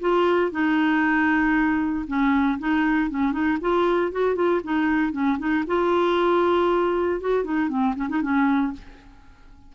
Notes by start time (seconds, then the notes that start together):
0.00 F4
0.51 D#4
2.07 C#4
2.59 D#4
3.10 C#4
3.32 D#4
3.61 F4
4.12 F#4
4.35 F4
4.63 D#4
5.12 C#4
5.38 D#4
5.67 F4
7.20 F#4
7.44 D#4
7.69 C4
7.96 C#4
8.09 D#4
8.22 C#4